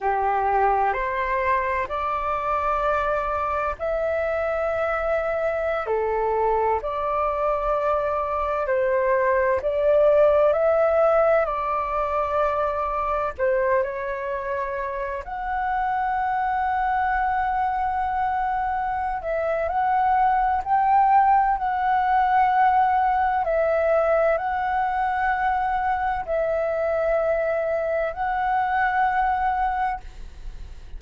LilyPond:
\new Staff \with { instrumentName = "flute" } { \time 4/4 \tempo 4 = 64 g'4 c''4 d''2 | e''2~ e''16 a'4 d''8.~ | d''4~ d''16 c''4 d''4 e''8.~ | e''16 d''2 c''8 cis''4~ cis''16~ |
cis''16 fis''2.~ fis''8.~ | fis''8 e''8 fis''4 g''4 fis''4~ | fis''4 e''4 fis''2 | e''2 fis''2 | }